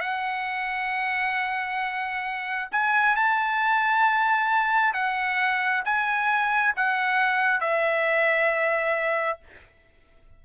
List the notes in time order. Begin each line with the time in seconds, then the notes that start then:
0.00 F#5
2.72 G#5
3.16 A5
4.93 F#5
5.85 G#5
6.76 F#5
7.60 E5